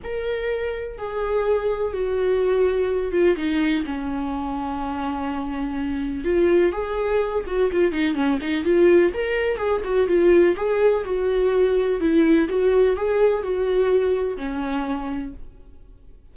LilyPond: \new Staff \with { instrumentName = "viola" } { \time 4/4 \tempo 4 = 125 ais'2 gis'2 | fis'2~ fis'8 f'8 dis'4 | cis'1~ | cis'4 f'4 gis'4. fis'8 |
f'8 dis'8 cis'8 dis'8 f'4 ais'4 | gis'8 fis'8 f'4 gis'4 fis'4~ | fis'4 e'4 fis'4 gis'4 | fis'2 cis'2 | }